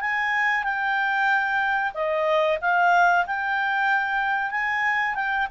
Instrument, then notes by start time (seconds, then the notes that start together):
clarinet
0.00 G#5
0.63 G5
1.94 D#5
2.61 F5
3.26 G5
4.50 G#5
5.14 G5